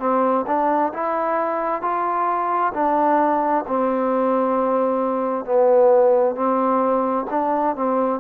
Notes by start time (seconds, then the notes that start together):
0.00 C4
0.48 D4
0.94 E4
1.82 F4
2.74 D4
3.68 C4
5.45 B3
6.36 C4
7.31 D4
7.76 C4